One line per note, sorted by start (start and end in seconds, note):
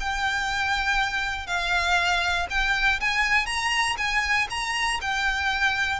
0.00 1.47 G5
1.47 2.47 F5
2.50 3.00 G5
3.00 3.46 G#5
3.46 3.96 A#5
3.97 4.47 G#5
4.50 5.00 A#5
5.01 6.00 G5